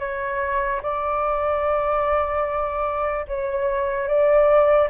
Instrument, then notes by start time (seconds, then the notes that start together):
flute
0.00 C#5
0.83 D5
3.28 C#5
4.08 D5